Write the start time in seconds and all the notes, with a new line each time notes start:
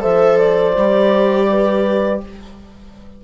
0.00 F3 A4 C5 E5
0.38 D5
0.76 G3 G4
1.50 B4